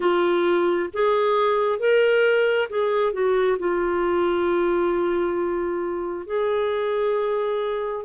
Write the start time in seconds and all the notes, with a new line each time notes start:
0.00 F4
0.93 G#4
1.79 A#4
2.69 G#4
3.12 F#4
3.58 F4
6.26 G#4